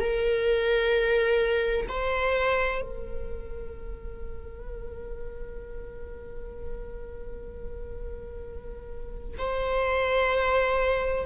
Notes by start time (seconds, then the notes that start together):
0.00 A#4
1.89 C5
2.82 A#4
9.39 C5